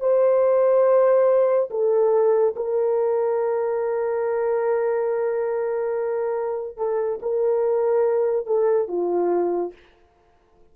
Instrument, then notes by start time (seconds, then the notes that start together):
horn
0.00 C5
1.70 A4
2.56 A#4
6.77 A4
7.22 A#4
8.46 A4
8.88 F4